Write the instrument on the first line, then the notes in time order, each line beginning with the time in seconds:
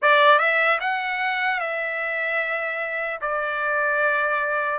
trumpet
0.01 D5
0.38 E5
0.80 F#5
1.60 E5
3.21 D5